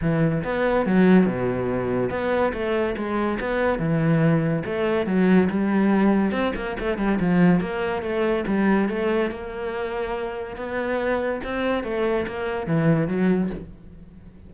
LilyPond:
\new Staff \with { instrumentName = "cello" } { \time 4/4 \tempo 4 = 142 e4 b4 fis4 b,4~ | b,4 b4 a4 gis4 | b4 e2 a4 | fis4 g2 c'8 ais8 |
a8 g8 f4 ais4 a4 | g4 a4 ais2~ | ais4 b2 c'4 | a4 ais4 e4 fis4 | }